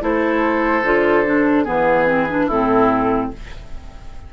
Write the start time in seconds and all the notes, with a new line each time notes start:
0.00 A3 E4 A4 C5
0.83 D3 F4
1.25 D4
1.63 E3 B3 G#4 B4
2.06 C4
2.29 D4
2.47 A2 C4 E4 A4